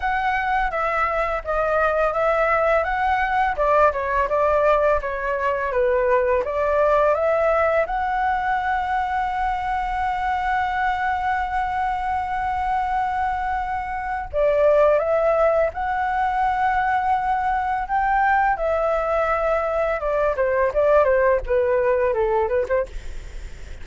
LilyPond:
\new Staff \with { instrumentName = "flute" } { \time 4/4 \tempo 4 = 84 fis''4 e''4 dis''4 e''4 | fis''4 d''8 cis''8 d''4 cis''4 | b'4 d''4 e''4 fis''4~ | fis''1~ |
fis''1 | d''4 e''4 fis''2~ | fis''4 g''4 e''2 | d''8 c''8 d''8 c''8 b'4 a'8 b'16 c''16 | }